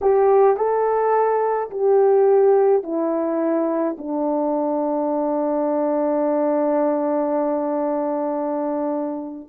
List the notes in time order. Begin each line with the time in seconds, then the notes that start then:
0.01 G4
0.56 A4
1.70 G4
2.83 E4
3.98 D4